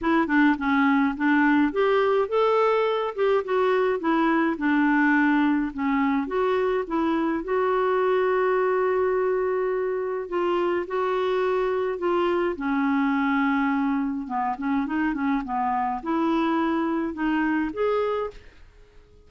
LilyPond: \new Staff \with { instrumentName = "clarinet" } { \time 4/4 \tempo 4 = 105 e'8 d'8 cis'4 d'4 g'4 | a'4. g'8 fis'4 e'4 | d'2 cis'4 fis'4 | e'4 fis'2.~ |
fis'2 f'4 fis'4~ | fis'4 f'4 cis'2~ | cis'4 b8 cis'8 dis'8 cis'8 b4 | e'2 dis'4 gis'4 | }